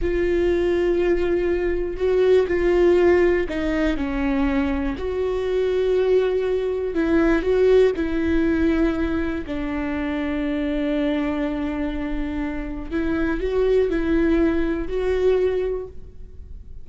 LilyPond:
\new Staff \with { instrumentName = "viola" } { \time 4/4 \tempo 4 = 121 f'1 | fis'4 f'2 dis'4 | cis'2 fis'2~ | fis'2 e'4 fis'4 |
e'2. d'4~ | d'1~ | d'2 e'4 fis'4 | e'2 fis'2 | }